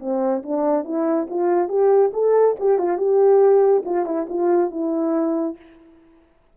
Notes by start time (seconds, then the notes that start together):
0.00 C4
0.43 D4
0.85 E4
1.30 F4
1.69 G4
2.14 A4
2.60 G4
2.79 F4
2.98 G4
3.86 F4
4.06 E4
4.29 F4
4.71 E4